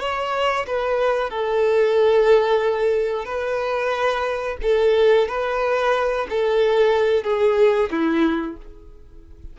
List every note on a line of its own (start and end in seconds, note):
0.00 0.66 C#5
0.67 1.30 B4
1.30 3.25 A4
3.25 4.57 B4
4.62 5.28 A4
5.28 6.27 B4
6.30 7.24 A4
7.24 7.90 G#4
7.91 8.57 E4